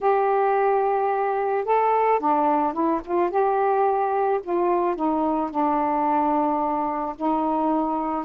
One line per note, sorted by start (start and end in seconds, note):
0.01 1.64 G4
1.64 2.19 A4
2.19 2.73 D4
2.73 3.00 E4
3.05 3.30 F4
3.30 4.40 G4
4.43 4.95 F4
4.95 5.50 D#4
5.50 7.15 D4
7.16 8.25 D#4